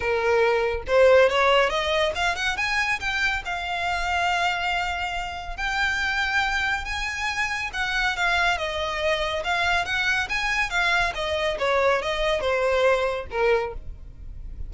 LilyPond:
\new Staff \with { instrumentName = "violin" } { \time 4/4 \tempo 4 = 140 ais'2 c''4 cis''4 | dis''4 f''8 fis''8 gis''4 g''4 | f''1~ | f''4 g''2. |
gis''2 fis''4 f''4 | dis''2 f''4 fis''4 | gis''4 f''4 dis''4 cis''4 | dis''4 c''2 ais'4 | }